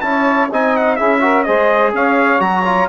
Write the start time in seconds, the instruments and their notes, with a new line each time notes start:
0.00 bassoon C#4, trombone E4, trumpet A5
0.08 saxophone C#5
0.51 bassoon C4, trombone D#4, saxophone D#5, trumpet G#5
0.76 trumpet F#5
0.96 bassoon C#4, trombone E4, saxophone G#4, trumpet E5
1.20 trombone F#4, saxophone A#4
1.43 bassoon G#3, trombone G#4, saxophone C5, trumpet D#5
1.93 bassoon C#4, saxophone C#5, trumpet F5
2.39 bassoon F#3, trombone F#4, trumpet A#5
2.64 trombone F4